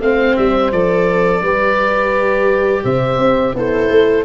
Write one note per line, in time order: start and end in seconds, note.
0.00 0.35 A3
0.00 0.72 C4
0.00 1.42 C5
0.00 0.36 F5
0.36 0.72 G3
0.36 0.72 E5
0.72 1.42 F3
0.72 1.44 A4
0.72 2.84 D5
1.42 2.83 G3
1.42 3.57 G4
1.42 2.83 B4
2.84 3.18 C3
2.84 3.55 C5
2.84 3.55 E5
3.18 3.53 C4
3.54 3.89 B3
3.54 4.25 E4
3.54 4.25 A4
3.54 4.25 C5
3.90 4.25 A3